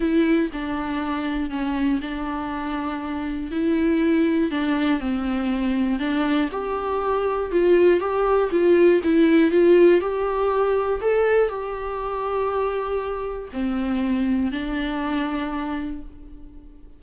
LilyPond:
\new Staff \with { instrumentName = "viola" } { \time 4/4 \tempo 4 = 120 e'4 d'2 cis'4 | d'2. e'4~ | e'4 d'4 c'2 | d'4 g'2 f'4 |
g'4 f'4 e'4 f'4 | g'2 a'4 g'4~ | g'2. c'4~ | c'4 d'2. | }